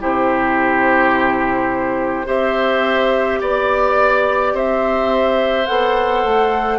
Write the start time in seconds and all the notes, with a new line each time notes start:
0.00 C3 E4 G4 C5
2.26 C4 G4 C5 E5
3.41 B3 D5
4.54 C4 C5 E5
5.67 B3 A4 F#5
6.24 A3